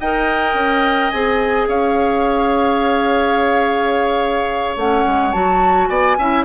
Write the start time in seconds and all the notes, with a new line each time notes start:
0.00 D#4 A#4 D#5 G5
0.54 C#4
1.10 C4 G#4 G#5
1.68 C#4 C#5 F5
4.76 A3 C#4 F#5
5.06 G#3
5.32 F#3 F#4 A5
5.87 B3 D5 G#5
6.18 C#4 E4 E5